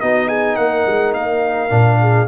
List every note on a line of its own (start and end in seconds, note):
0.00 0.57 B3
0.00 1.69 D#4
0.00 0.27 F#4
0.00 0.28 D#5
0.27 0.56 G#4
0.27 0.56 G#5
0.56 0.86 A#3
0.56 2.01 A#4
0.56 1.13 F#5
0.87 1.13 G#3
1.13 1.70 A#3
1.13 2.28 F5
1.69 2.28 A#2
1.69 2.26 D4
2.01 2.28 G#4